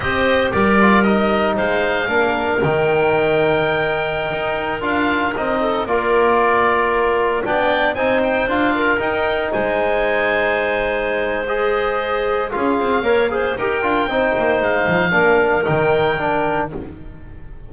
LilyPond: <<
  \new Staff \with { instrumentName = "oboe" } { \time 4/4 \tempo 4 = 115 dis''4 d''4 dis''4 f''4~ | f''4 g''2.~ | g''4~ g''16 f''4 dis''4 d''8.~ | d''2~ d''16 g''4 gis''8 g''16~ |
g''16 f''4 g''4 gis''4.~ gis''16~ | gis''2 dis''2 | f''2 g''2 | f''2 g''2 | }
  \new Staff \with { instrumentName = "clarinet" } { \time 4/4 c''4 ais'2 c''4 | ais'1~ | ais'2~ ais'8. a'8 ais'8.~ | ais'2~ ais'16 d''4 c''8.~ |
c''8. ais'4. c''4.~ c''16~ | c''1 | gis'4 cis''8 c''8 ais'4 c''4~ | c''4 ais'2. | }
  \new Staff \with { instrumentName = "trombone" } { \time 4/4 g'4. f'8 dis'2 | d'4 dis'2.~ | dis'4~ dis'16 f'4 dis'4 f'8.~ | f'2~ f'16 d'4 dis'8.~ |
dis'16 f'4 dis'2~ dis'8.~ | dis'2 gis'2 | f'4 ais'8 gis'8 g'8 f'8 dis'4~ | dis'4 d'4 dis'4 d'4 | }
  \new Staff \with { instrumentName = "double bass" } { \time 4/4 c'4 g2 gis4 | ais4 dis2.~ | dis16 dis'4 d'4 c'4 ais8.~ | ais2~ ais16 b4 c'8.~ |
c'16 d'4 dis'4 gis4.~ gis16~ | gis1 | cis'8 c'8 ais4 dis'8 d'8 c'8 ais8 | gis8 f8 ais4 dis2 | }
>>